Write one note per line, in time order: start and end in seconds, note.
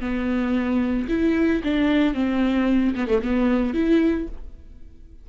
0.00 1.07 B3
1.08 1.62 E4
1.63 2.14 D4
2.14 2.94 C4
2.94 3.08 B3
3.08 3.21 A3
3.21 3.73 B3
3.73 4.27 E4